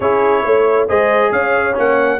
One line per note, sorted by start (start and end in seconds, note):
0.00 0.44 C#4
0.00 0.88 E4
0.00 0.43 G#4
0.00 0.88 C#5
0.43 0.88 A3
0.43 0.87 C#5
0.88 1.31 G#3
0.88 1.74 G#4
0.88 1.32 C5
0.88 1.32 D#5
1.31 1.75 C#4
1.31 2.20 C#5
1.31 1.76 F5
1.74 2.20 A#3
1.74 2.18 C#4
1.74 2.20 F#5